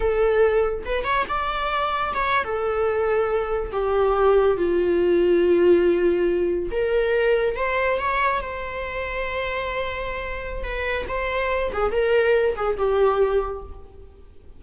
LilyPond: \new Staff \with { instrumentName = "viola" } { \time 4/4 \tempo 4 = 141 a'2 b'8 cis''8 d''4~ | d''4 cis''8. a'2~ a'16~ | a'8. g'2 f'4~ f'16~ | f'2.~ f'8. ais'16~ |
ais'4.~ ais'16 c''4 cis''4 c''16~ | c''1~ | c''4 b'4 c''4. gis'8 | ais'4. gis'8 g'2 | }